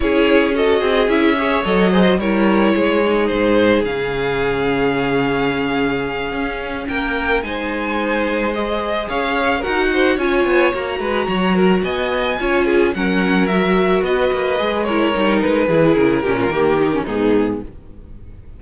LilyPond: <<
  \new Staff \with { instrumentName = "violin" } { \time 4/4 \tempo 4 = 109 cis''4 dis''4 e''4 dis''4 | cis''2 c''4 f''4~ | f''1~ | f''8 g''4 gis''2 dis''8~ |
dis''8 f''4 fis''4 gis''4 ais''8~ | ais''4. gis''2 fis''8~ | fis''8 e''4 dis''4. cis''4 | b'4 ais'2 gis'4 | }
  \new Staff \with { instrumentName = "violin" } { \time 4/4 gis'4 a'8 gis'4 cis''4 c''8 | ais'4 gis'2.~ | gis'1~ | gis'8 ais'4 c''2~ c''8~ |
c''8 cis''4 ais'8 c''8 cis''4. | b'8 cis''8 ais'8 dis''4 cis''8 gis'8 ais'8~ | ais'4. b'4. ais'4~ | ais'8 gis'4 g'16 f'16 g'4 dis'4 | }
  \new Staff \with { instrumentName = "viola" } { \time 4/4 e'4 fis'4 e'8 gis'8 a'8 gis'16 fis'16 | e'4. dis'4. cis'4~ | cis'1~ | cis'4. dis'2 gis'8~ |
gis'4. fis'4 f'4 fis'8~ | fis'2~ fis'8 f'4 cis'8~ | cis'8 fis'2 gis'8 e'8 dis'8~ | dis'8 e'4 cis'8 ais8 dis'16 cis'16 b4 | }
  \new Staff \with { instrumentName = "cello" } { \time 4/4 cis'4. c'8 cis'4 fis4 | g4 gis4 gis,4 cis4~ | cis2.~ cis8 cis'8~ | cis'8 ais4 gis2~ gis8~ |
gis8 cis'4 dis'4 cis'8 b8 ais8 | gis8 fis4 b4 cis'4 fis8~ | fis4. b8 ais8 gis4 g8 | gis8 e8 cis8 ais,8 dis4 gis,4 | }
>>